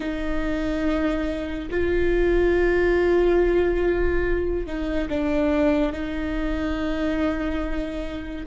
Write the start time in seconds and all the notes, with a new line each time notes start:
0.00 D#4
1.70 F4
4.66 D#4
5.09 D4
5.92 D#4